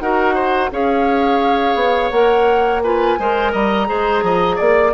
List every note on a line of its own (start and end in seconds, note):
0.00 0.71 D#4
0.00 0.72 F#4
0.00 0.35 A#4
0.00 0.71 F#5
0.35 0.70 C5
0.72 1.75 C#4
0.72 2.13 G#4
0.72 2.84 C#5
0.72 2.10 F5
1.75 2.11 B3
2.10 3.18 A#3
2.10 2.83 A#4
2.10 2.81 F#5
2.82 3.20 F4
2.82 3.19 B4
2.82 3.53 G#5
3.19 3.54 G#3
3.19 3.87 A#4
3.19 3.52 C5
3.52 3.89 G3
3.52 3.88 D#5
3.52 4.60 A#5
3.87 4.23 G#3
3.87 4.93 G#4
3.87 4.25 C5
4.23 4.58 F3
4.23 4.56 D#5
4.56 4.94 A#3
4.56 4.91 D5
4.56 4.94 D5